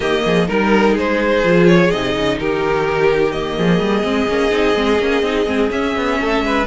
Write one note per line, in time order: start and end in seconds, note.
0.00 0.23 D#3
0.00 0.46 A#3
0.00 0.23 G4
0.00 0.48 D#5
0.25 0.48 F3
0.25 0.47 G#4
0.47 0.95 G3
0.47 1.43 D#4
0.47 0.93 A#4
0.47 0.97 A#4
0.93 1.43 G#3
0.93 2.35 G#4
0.93 1.67 C5
1.43 1.91 F3
1.43 1.91 F4
1.67 1.90 C#5
1.90 2.16 C3
1.90 3.33 D#4
1.90 2.38 D#5
2.16 2.39 C#3
2.39 3.58 D#3
2.39 3.57 G4
2.39 3.32 A#4
3.32 4.03 A#3
3.32 5.70 D#5
3.57 3.79 F3
3.57 6.19 G#4
3.79 4.03 G3
4.03 4.27 G#3
4.03 4.27 C4
4.28 4.51 A#3
4.28 4.50 C#4
4.50 4.75 C4
4.50 4.74 D#4
4.75 4.98 G#3
4.75 4.99 C4
4.98 5.22 A#3
4.98 5.23 C#4
5.22 5.46 C4
5.22 5.46 D#4
5.46 5.70 G#3
5.46 5.69 C4
5.70 6.65 C#4
5.70 5.95 C#4
5.70 6.66 E5
5.96 6.19 B3
6.20 6.41 A3
6.20 6.44 A4
6.41 6.65 G#3
6.41 6.66 B4